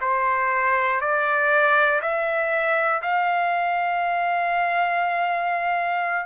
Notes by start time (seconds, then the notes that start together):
0.00 C5
1.00 D5
2.01 E5
3.01 F5